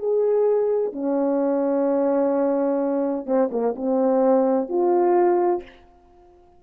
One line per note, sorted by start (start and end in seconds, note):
0.00 0.93 G#4
0.93 3.26 C#4
3.26 3.50 C4
3.52 3.75 A#3
3.76 4.69 C4
4.69 5.63 F4